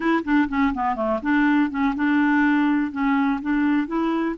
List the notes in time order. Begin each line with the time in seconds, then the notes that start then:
0.00 E4
0.24 D4
0.48 C#4
0.74 B3
0.95 A3
1.22 D4
1.70 C#4
1.95 D4
2.91 C#4
3.41 D4
3.87 E4